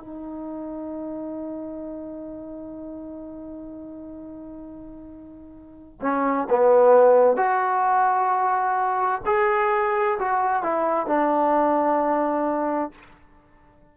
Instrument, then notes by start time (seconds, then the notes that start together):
trombone
0.00 D#4
6.02 C#4
6.50 B3
7.37 F#4
9.26 G#4
10.20 F#4
10.64 E4
11.07 D4